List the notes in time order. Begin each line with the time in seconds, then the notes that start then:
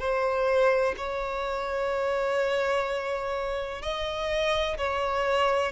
0.00 C5
0.98 C#5
3.82 D#5
4.78 C#5